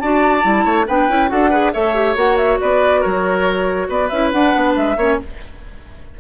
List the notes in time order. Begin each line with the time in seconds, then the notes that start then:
0.00 D4 F#4 D5 A5
0.42 G3 E4
0.65 A3 C#5
0.87 B3 D4 B4 G5
1.09 C#4 E4
1.28 D4 F#4 A4 F#5
1.50 G#4 B4
1.73 A3 A4 C#5 E5
1.95 G4
2.16 A#3 F#4 F#5
2.37 E5
2.61 B3 B4 D5
3.01 F#3 A#4 C#5
3.89 B3 B4 D5
4.09 C#4 E4 E5
4.32 D4 F#5
4.55 B3
4.77 G#3 E5
4.97 A#3 C#4 C#5